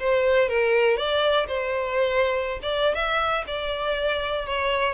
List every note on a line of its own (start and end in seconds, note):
0.00 0.48 C5
0.48 0.97 A#4
0.97 1.47 D5
1.48 2.59 C5
2.62 2.95 D5
2.95 3.44 E5
3.47 4.46 D5
4.46 4.94 C#5